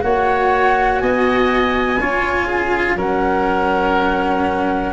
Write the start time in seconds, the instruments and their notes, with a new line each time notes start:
0.00 tuba A#3, cello F#4, oboe C#5, flute F#5
0.99 tuba B3, oboe D#5, flute G#5
1.99 tuba C#4, cello F4, oboe C#5
2.47 oboe G#4
2.95 tuba F#3, cello C#4, oboe A#4, flute F#5